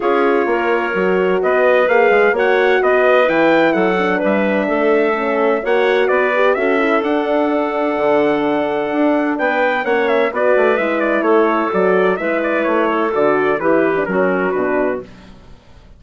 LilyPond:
<<
  \new Staff \with { instrumentName = "trumpet" } { \time 4/4 \tempo 4 = 128 cis''2. dis''4 | f''4 fis''4 dis''4 g''4 | fis''4 e''2. | fis''4 d''4 e''4 fis''4~ |
fis''1 | g''4 fis''8 e''8 d''4 e''8 d''8 | cis''4 d''4 e''8 d''8 cis''4 | d''4 b'4 ais'4 b'4 | }
  \new Staff \with { instrumentName = "clarinet" } { \time 4/4 gis'4 ais'2 b'4~ | b'4 cis''4 b'2 | a'4 b'4 a'2 | cis''4 b'4 a'2~ |
a'1 | b'4 cis''4 b'2 | a'2 b'4. a'8~ | a'4 g'4 fis'2 | }
  \new Staff \with { instrumentName = "horn" } { \time 4/4 f'2 fis'2 | gis'4 fis'2 e'4~ | e'8 d'2~ d'8 cis'4 | fis'4. g'8 fis'8 e'8 d'4~ |
d'1~ | d'4 cis'4 fis'4 e'4~ | e'4 fis'4 e'2 | fis'4 e'8. d'16 cis'4 d'4 | }
  \new Staff \with { instrumentName = "bassoon" } { \time 4/4 cis'4 ais4 fis4 b4 | ais8 gis8 ais4 b4 e4 | fis4 g4 a2 | ais4 b4 cis'4 d'4~ |
d'4 d2 d'4 | b4 ais4 b8 a8 gis4 | a4 fis4 gis4 a4 | d4 e4 fis4 b,4 | }
>>